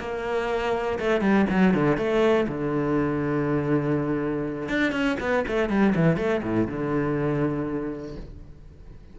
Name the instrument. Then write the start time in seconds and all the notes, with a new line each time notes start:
cello
0.00 A#3
0.99 A3
1.21 G3
1.50 F#3
1.74 D3
1.97 A3
2.48 D3
4.69 D4
4.92 C#4
5.20 B3
5.48 A3
5.69 G3
5.95 E3
6.17 A3
6.43 A2
6.68 D3